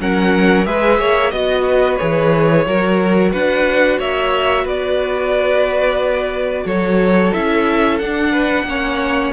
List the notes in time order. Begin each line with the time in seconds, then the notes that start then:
0.00 F#3 C#4 A#4 F#5
0.66 G#3 G#4 B4 E5
0.99 A#3 C#5
1.31 B3 F#4 D#5
1.66 B4
1.98 E3 G#4 C#5
2.67 F#3 F#4 A#4
3.32 D4 B4 F#5
3.99 A#3 C#5 E5
4.65 B3 B4 D5
6.65 F#3 A4 C#5
7.34 C#4 E4 E5
7.99 D4 F#5
8.32 B4
8.64 A#3 C#4 C#5